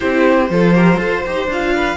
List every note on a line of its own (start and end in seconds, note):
0.00 0.50 C4
0.00 0.50 E4
0.00 0.48 G4
0.00 1.47 C5
0.50 0.97 F3
0.50 0.74 F4
0.50 0.74 A4
0.74 0.96 G4
0.74 0.99 A#4
0.96 1.22 F4
0.96 1.21 A4
0.96 1.74 C5
1.25 1.46 D#4
1.25 1.50 G4
1.46 1.96 D4
1.46 1.96 F4
1.46 1.96 F5
1.75 1.96 B4